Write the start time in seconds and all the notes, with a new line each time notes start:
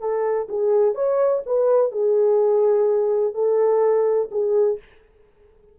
0.00 A4
0.48 G#4
0.95 C#5
1.46 B4
1.91 G#4
3.34 A4
4.31 G#4